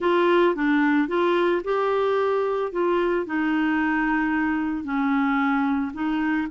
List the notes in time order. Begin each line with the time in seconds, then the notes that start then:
0.00 F4
0.55 D4
1.08 F4
1.64 G4
2.71 F4
3.26 D#4
4.84 C#4
5.93 D#4